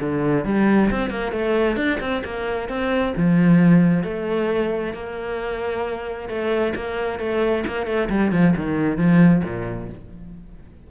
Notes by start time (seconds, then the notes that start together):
0.00 D3
0.44 G3
0.91 C4
1.10 A#3
1.32 A3
1.76 D4
2.00 C4
2.24 A#3
2.68 C4
3.16 F3
4.04 A3
4.93 A#3
6.28 A3
6.75 A#3
7.19 A3
7.67 A#3
7.86 A3
8.09 G3
8.32 F3
8.56 D#3
8.97 F3
9.44 A#2